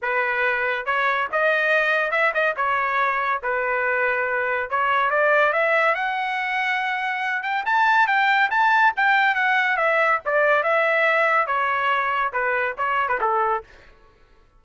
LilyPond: \new Staff \with { instrumentName = "trumpet" } { \time 4/4 \tempo 4 = 141 b'2 cis''4 dis''4~ | dis''4 e''8 dis''8 cis''2 | b'2. cis''4 | d''4 e''4 fis''2~ |
fis''4. g''8 a''4 g''4 | a''4 g''4 fis''4 e''4 | d''4 e''2 cis''4~ | cis''4 b'4 cis''8. b'16 a'4 | }